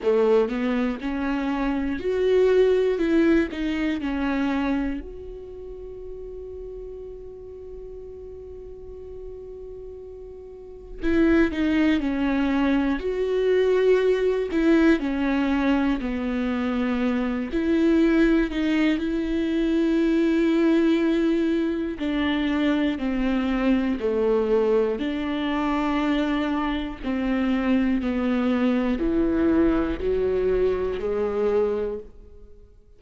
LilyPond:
\new Staff \with { instrumentName = "viola" } { \time 4/4 \tempo 4 = 60 a8 b8 cis'4 fis'4 e'8 dis'8 | cis'4 fis'2.~ | fis'2. e'8 dis'8 | cis'4 fis'4. e'8 cis'4 |
b4. e'4 dis'8 e'4~ | e'2 d'4 c'4 | a4 d'2 c'4 | b4 e4 fis4 gis4 | }